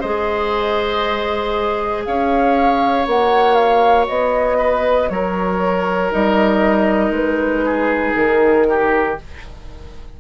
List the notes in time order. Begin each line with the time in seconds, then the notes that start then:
0.00 G#3 G#4 C5 D#5
2.05 C#4 C#5 F5
3.06 A#3 F#4 F#5
3.54 F5
4.07 B3 D#5
4.58 B4
5.09 F#3 A#4 C#5
6.11 G3 D#4 D#5
7.10 G#3 B4
7.65 G#4
8.15 D#3 A#4
8.69 G4